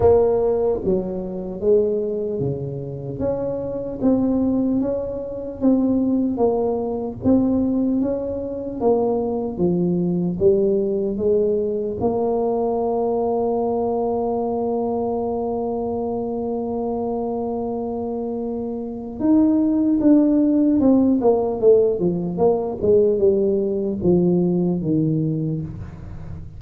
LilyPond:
\new Staff \with { instrumentName = "tuba" } { \time 4/4 \tempo 4 = 75 ais4 fis4 gis4 cis4 | cis'4 c'4 cis'4 c'4 | ais4 c'4 cis'4 ais4 | f4 g4 gis4 ais4~ |
ais1~ | ais1 | dis'4 d'4 c'8 ais8 a8 f8 | ais8 gis8 g4 f4 dis4 | }